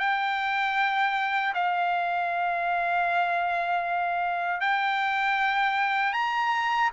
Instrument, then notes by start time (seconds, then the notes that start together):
trumpet
0.00 G5
1.55 F5
4.61 G5
6.14 A#5